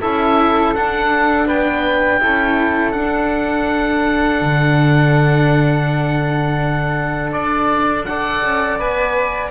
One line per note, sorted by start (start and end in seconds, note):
0.00 0.73 C#4
0.00 0.73 E4
0.00 1.47 A4
0.00 0.74 E5
0.73 1.46 D4
0.73 2.20 D4
0.73 1.48 F#5
1.47 2.20 B3
1.47 2.20 B4
1.47 2.92 G5
2.20 2.95 C#4
2.20 2.93 E4
2.20 8.07 A4
2.92 8.05 D4
2.92 4.41 D4
2.92 7.31 F#5
4.41 7.32 D3
7.32 8.42 D4
7.32 8.05 D5
8.05 8.79 A4
8.05 9.50 D5
8.05 8.78 F#5
8.42 8.78 C#4
8.78 9.50 B3
8.78 9.50 B4
8.78 9.50 G#5